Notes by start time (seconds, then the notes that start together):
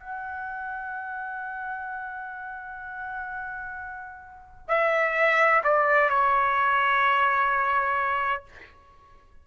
0.00 F#5
4.69 E5
5.65 D5
6.10 C#5